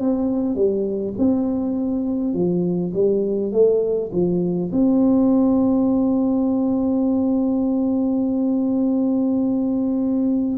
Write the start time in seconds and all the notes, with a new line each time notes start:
0.00 C4
0.55 G3
1.18 C4
2.34 F3
2.94 G3
3.52 A3
4.12 F3
4.72 C4